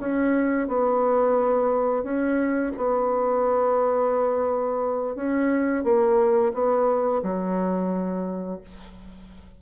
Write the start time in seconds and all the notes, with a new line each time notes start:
0.00 C#4
0.68 B3
2.03 C#4
2.77 B3
5.16 C#4
5.84 A#3
6.54 B3
7.23 F#3